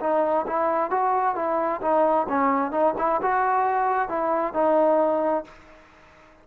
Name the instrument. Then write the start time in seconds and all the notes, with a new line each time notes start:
trombone
0.00 D#4
0.47 E4
0.90 F#4
1.35 E4
1.81 D#4
2.29 C#4
2.71 D#4
2.98 E4
3.22 F#4
4.09 E4
4.53 D#4